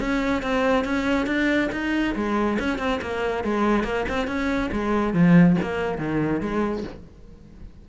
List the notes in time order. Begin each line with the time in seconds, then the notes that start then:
0.00 C#4
0.42 C4
0.84 C#4
1.26 D4
1.72 D#4
2.15 G#3
2.59 C#4
2.79 C4
3.02 A#3
3.44 G#3
3.84 A#3
4.09 C4
4.27 C#4
4.72 G#3
5.13 F3
5.62 A#3
5.98 D#3
6.41 G#3